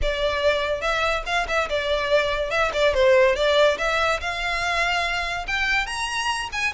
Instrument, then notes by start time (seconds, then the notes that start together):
violin
0.02 D5
0.81 E5
1.25 F5
1.48 E5
1.69 D5
2.50 E5
2.73 D5
2.94 C5
3.35 D5
3.78 E5
4.20 F5
5.47 G5
5.86 A#5
6.52 G#5